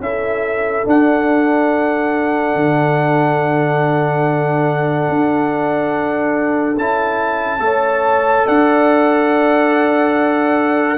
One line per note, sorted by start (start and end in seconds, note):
0.00 0.85 C#4
0.00 0.84 E4
0.00 7.62 A4
0.00 0.86 E5
0.84 6.76 D4
0.84 2.54 D4
0.84 6.78 F#5
2.54 5.08 D3
5.08 6.77 D4
6.77 7.60 C#4
6.77 7.59 E4
6.77 8.47 A5
7.59 8.44 A3
7.59 10.97 A4
7.59 8.46 C#5
8.46 10.97 D4
8.46 10.97 D5
8.46 10.97 F#5